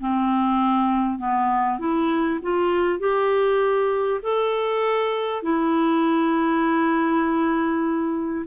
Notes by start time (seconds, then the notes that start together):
0.00 C4
1.18 B3
1.79 E4
2.42 F4
2.99 G4
4.22 A4
5.42 E4